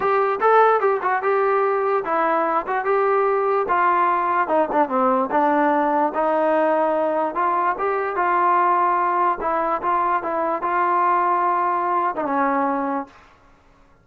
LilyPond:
\new Staff \with { instrumentName = "trombone" } { \time 4/4 \tempo 4 = 147 g'4 a'4 g'8 fis'8 g'4~ | g'4 e'4. fis'8 g'4~ | g'4 f'2 dis'8 d'8 | c'4 d'2 dis'4~ |
dis'2 f'4 g'4 | f'2. e'4 | f'4 e'4 f'2~ | f'4.~ f'16 dis'16 cis'2 | }